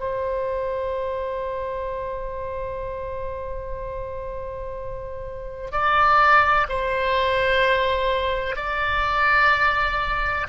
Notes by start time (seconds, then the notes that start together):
0.00 C5
5.72 D5
6.69 C5
8.56 D5